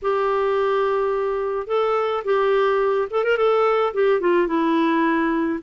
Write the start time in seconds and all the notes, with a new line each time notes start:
0.02 G4
1.67 A4
2.24 G4
3.10 A4
3.24 A#4
3.37 A4
3.93 G4
4.20 F4
4.47 E4